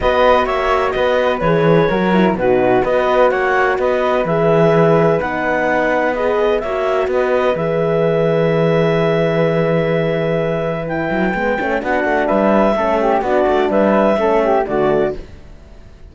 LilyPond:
<<
  \new Staff \with { instrumentName = "clarinet" } { \time 4/4 \tempo 4 = 127 dis''4 e''4 dis''4 cis''4~ | cis''4 b'4 dis''4 fis''4 | dis''4 e''2 fis''4~ | fis''4 dis''4 e''4 dis''4 |
e''1~ | e''2. g''4~ | g''4 fis''4 e''2 | d''4 e''2 d''4 | }
  \new Staff \with { instrumentName = "flute" } { \time 4/4 b'4 cis''4 b'2 | ais'4 fis'4 b'4 cis''4 | b'1~ | b'2 cis''4 b'4~ |
b'1~ | b'1~ | b'4 fis'4 b'4 a'8 g'8 | fis'4 b'4 a'8 g'8 fis'4 | }
  \new Staff \with { instrumentName = "horn" } { \time 4/4 fis'2. gis'4 | fis'8 e'8 dis'4 fis'2~ | fis'4 gis'2 dis'4~ | dis'4 gis'4 fis'2 |
gis'1~ | gis'2. e'4 | b8 cis'8 d'2 cis'4 | d'2 cis'4 a4 | }
  \new Staff \with { instrumentName = "cello" } { \time 4/4 b4 ais4 b4 e4 | fis4 b,4 b4 ais4 | b4 e2 b4~ | b2 ais4 b4 |
e1~ | e2.~ e8 fis8 | gis8 a8 b8 a8 g4 a4 | b8 a8 g4 a4 d4 | }
>>